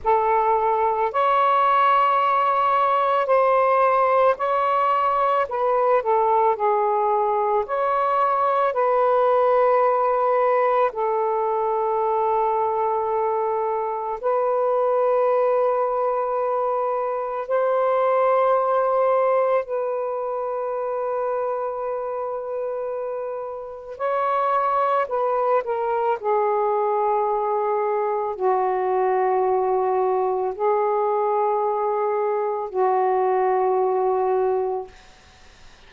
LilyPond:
\new Staff \with { instrumentName = "saxophone" } { \time 4/4 \tempo 4 = 55 a'4 cis''2 c''4 | cis''4 b'8 a'8 gis'4 cis''4 | b'2 a'2~ | a'4 b'2. |
c''2 b'2~ | b'2 cis''4 b'8 ais'8 | gis'2 fis'2 | gis'2 fis'2 | }